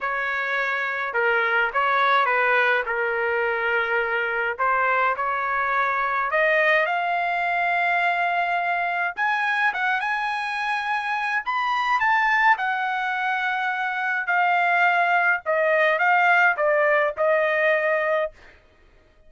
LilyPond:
\new Staff \with { instrumentName = "trumpet" } { \time 4/4 \tempo 4 = 105 cis''2 ais'4 cis''4 | b'4 ais'2. | c''4 cis''2 dis''4 | f''1 |
gis''4 fis''8 gis''2~ gis''8 | b''4 a''4 fis''2~ | fis''4 f''2 dis''4 | f''4 d''4 dis''2 | }